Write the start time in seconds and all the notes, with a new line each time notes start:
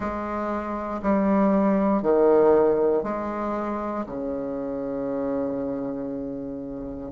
0.00 G#3
1.02 G3
2.02 D#3
3.03 G#3
4.06 C#3